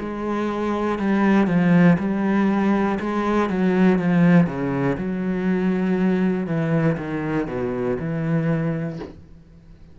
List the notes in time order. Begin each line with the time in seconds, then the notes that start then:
0.00 G#3
0.99 G3
1.47 F3
1.99 G3
3.00 G#3
3.50 F#3
3.99 F3
4.47 C#3
4.98 F#3
6.47 E3
6.98 D#3
7.48 B2
8.00 E3